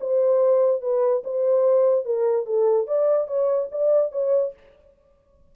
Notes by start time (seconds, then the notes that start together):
0.00 C5
0.81 B4
1.23 C5
2.05 A#4
2.46 A4
2.87 D5
3.27 C#5
3.71 D5
4.12 C#5